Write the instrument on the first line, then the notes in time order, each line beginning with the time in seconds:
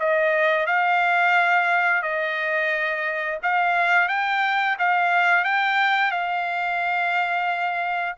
trumpet
0.00 D#5
0.67 F5
2.03 D#5
3.43 F5
4.09 G5
4.79 F5
5.45 G5
6.11 F5